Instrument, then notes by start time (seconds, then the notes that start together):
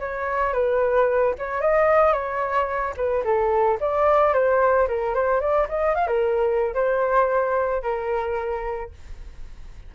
flute
0.00 C#5
0.54 B4
1.39 C#5
1.62 D#5
2.13 C#5
2.97 B4
3.25 A4
3.81 D5
4.34 C5
4.88 A#4
5.15 C5
5.41 D5
5.70 D#5
5.95 F5
6.08 A#4
6.75 C5
7.83 A#4